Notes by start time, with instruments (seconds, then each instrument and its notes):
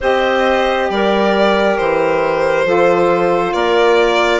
0.00 bassoon C4, saxophone G4, clarinet C5, violin D#5
0.89 bassoon G3, clarinet A#4, violin D5
1.77 bassoon E3, violin C5
2.64 bassoon F3, saxophone F4, clarinet A4
3.53 bassoon A#3, clarinet A#4, violin D5